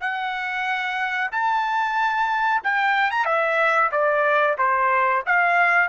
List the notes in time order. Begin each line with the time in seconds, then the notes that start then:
0.00 F#5
1.31 A5
2.63 G5
3.11 A#5
3.25 E5
3.91 D5
4.58 C5
5.26 F5